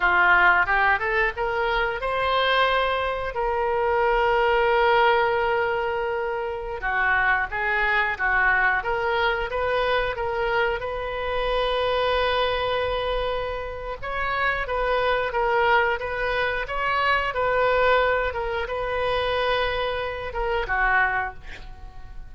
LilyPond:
\new Staff \with { instrumentName = "oboe" } { \time 4/4 \tempo 4 = 90 f'4 g'8 a'8 ais'4 c''4~ | c''4 ais'2.~ | ais'2~ ais'16 fis'4 gis'8.~ | gis'16 fis'4 ais'4 b'4 ais'8.~ |
ais'16 b'2.~ b'8.~ | b'4 cis''4 b'4 ais'4 | b'4 cis''4 b'4. ais'8 | b'2~ b'8 ais'8 fis'4 | }